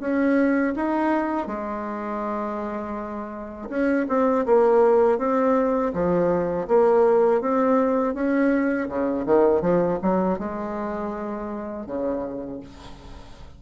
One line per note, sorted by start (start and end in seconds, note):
0.00 0.74 C#4
0.76 1.47 D#4
1.47 3.69 G#3
3.69 4.06 C#4
4.09 4.46 C4
4.46 5.19 A#3
5.19 5.93 C4
5.94 6.68 F3
6.68 7.41 A#3
7.41 8.14 C4
8.14 8.88 C#4
8.89 9.26 C#3
9.26 9.62 D#3
9.62 9.99 F3
10.02 10.39 F#3
10.39 11.86 G#3
11.86 12.60 C#3